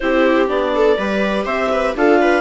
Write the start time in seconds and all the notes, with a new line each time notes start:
0.00 C4 E4 G4 C5
0.47 B3 D4 D5
0.74 A4
0.97 G3 G4 B4
1.45 C4 C5 E5
1.71 B4
1.95 D4 F4 A4 F5
2.21 B4